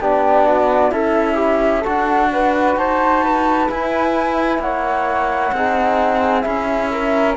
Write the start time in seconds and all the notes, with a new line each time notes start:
0.00 B3 D4 G4 D5
0.46 F#4
0.90 C#4 E4 A4 E5
1.35 G4
1.81 D4 F#4 A4 F#5
2.33 B4
2.76 D#4 C5 A5
3.23 B4
3.69 E4 G#5
4.58 A#3 C#5 F#5
5.52 C4 D#4 G#4
6.42 C#4 E4 E5
6.91 A#4